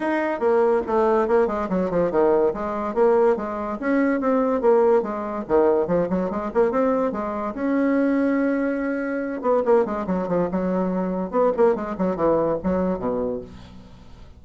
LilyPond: \new Staff \with { instrumentName = "bassoon" } { \time 4/4 \tempo 4 = 143 dis'4 ais4 a4 ais8 gis8 | fis8 f8 dis4 gis4 ais4 | gis4 cis'4 c'4 ais4 | gis4 dis4 f8 fis8 gis8 ais8 |
c'4 gis4 cis'2~ | cis'2~ cis'8 b8 ais8 gis8 | fis8 f8 fis2 b8 ais8 | gis8 fis8 e4 fis4 b,4 | }